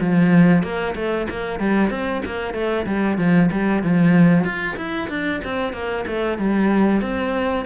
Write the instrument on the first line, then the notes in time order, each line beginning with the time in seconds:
cello
0.00 F3
0.63 A#3
0.95 A3
1.29 A#3
1.59 G3
1.90 C4
2.25 A#3
2.53 A3
2.86 G3
3.18 F3
3.51 G3
3.83 F3
4.44 F4
4.76 E4
5.09 D4
5.44 C4
5.73 A#3
6.07 A3
6.38 G3
7.01 C4